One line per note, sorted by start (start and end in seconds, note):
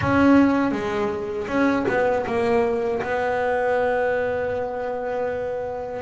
0.01 0.71 C#4
0.71 1.46 G#3
1.47 1.85 C#4
1.88 2.25 B3
2.26 3.01 A#3
3.02 6.01 B3